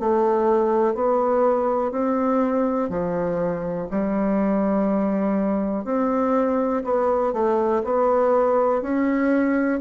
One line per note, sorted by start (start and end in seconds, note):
0.00 0.95 A3
0.95 1.91 B3
1.91 2.89 C4
2.89 3.88 F3
3.91 5.85 G3
5.85 6.83 C4
6.85 7.33 B3
7.33 7.82 A3
7.84 8.82 B3
8.82 9.80 C#4